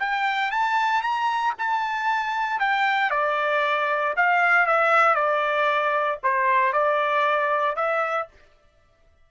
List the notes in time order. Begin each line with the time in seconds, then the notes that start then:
0.00 G5
0.52 A5
1.02 A#5
1.58 A5
2.60 G5
3.11 D5
4.17 F5
4.66 E5
5.15 D5
6.24 C5
6.73 D5
7.76 E5